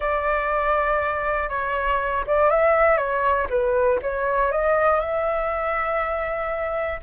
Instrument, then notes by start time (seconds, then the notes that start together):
flute
0.00 D5
1.49 C#5
2.26 D5
2.50 E5
2.97 C#5
3.49 B4
4.01 C#5
4.51 D#5
5.00 E5